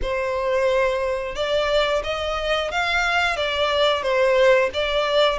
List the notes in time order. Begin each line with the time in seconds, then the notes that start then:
0.02 C5
1.35 D5
2.03 D#5
2.71 F5
3.36 D5
4.02 C5
4.73 D5